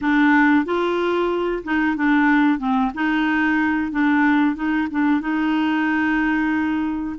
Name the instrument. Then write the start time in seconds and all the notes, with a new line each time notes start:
clarinet
0.01 D4
0.65 F4
1.64 D#4
1.96 D4
2.58 C4
2.94 D#4
3.91 D4
4.55 D#4
4.91 D4
5.20 D#4